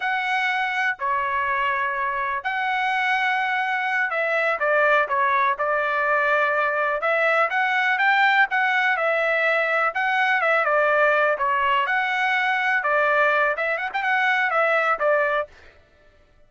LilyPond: \new Staff \with { instrumentName = "trumpet" } { \time 4/4 \tempo 4 = 124 fis''2 cis''2~ | cis''4 fis''2.~ | fis''8 e''4 d''4 cis''4 d''8~ | d''2~ d''8 e''4 fis''8~ |
fis''8 g''4 fis''4 e''4.~ | e''8 fis''4 e''8 d''4. cis''8~ | cis''8 fis''2 d''4. | e''8 fis''16 g''16 fis''4 e''4 d''4 | }